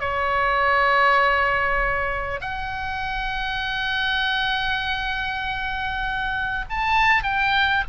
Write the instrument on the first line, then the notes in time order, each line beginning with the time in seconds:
oboe
0.00 C#5
2.41 F#5
6.69 A5
7.23 G5